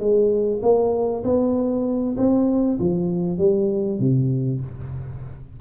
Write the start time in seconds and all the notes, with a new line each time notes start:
0.00 G#3
0.63 A#3
1.24 B3
2.17 C4
2.79 F3
3.38 G3
4.00 C3